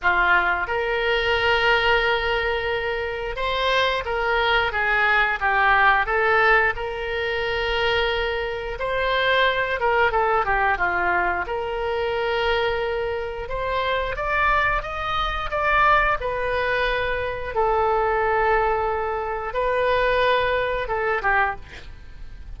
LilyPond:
\new Staff \with { instrumentName = "oboe" } { \time 4/4 \tempo 4 = 89 f'4 ais'2.~ | ais'4 c''4 ais'4 gis'4 | g'4 a'4 ais'2~ | ais'4 c''4. ais'8 a'8 g'8 |
f'4 ais'2. | c''4 d''4 dis''4 d''4 | b'2 a'2~ | a'4 b'2 a'8 g'8 | }